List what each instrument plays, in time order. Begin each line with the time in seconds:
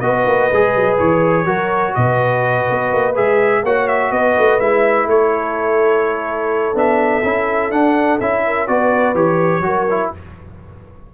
0.00 tuba B3, trombone F#4, horn B4, trumpet D#5
0.26 tuba A#3
0.51 tuba G#3, trombone G#4
0.75 tuba F#3
0.98 tuba E3, trumpet C#5
1.45 tuba F#3, trombone F#4, horn A#4
1.94 tuba B2, horn B4, trumpet D#5
2.70 tuba B3
2.92 tuba A#3
3.15 tuba G#3, trombone G#4, trumpet E5
3.63 tuba A#3, trombone F#4, horn C#5, trumpet F#5
3.87 trumpet E5
4.11 tuba B3, horn B4, trumpet D#5
4.37 tuba A3
4.59 tuba G#3, trombone E4, trumpet E5
5.05 tuba A3, horn A4, trumpet C#5
6.74 tuba B3, trombone D4, trumpet E5
7.23 tuba C#4, trombone E4
7.70 tuba D4, trombone D4, trumpet F#5
8.20 tuba C#4, trombone E4, trumpet E5
8.46 horn A#4
8.67 tuba B3, trombone F#4, horn B4, trumpet D5
9.14 tuba E3, trombone G4, trumpet C#5
9.59 tuba F#3, trombone F#4, horn A#4
9.90 trombone E4